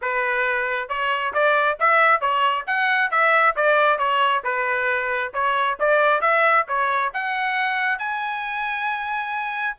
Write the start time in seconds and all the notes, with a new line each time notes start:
0.01 B4
0.88 C#5
1.33 D5
1.79 E5
2.20 C#5
2.67 F#5
3.10 E5
3.56 D5
3.98 C#5
4.44 B4
5.33 C#5
5.79 D5
6.21 E5
6.67 C#5
7.13 F#5
7.98 G#5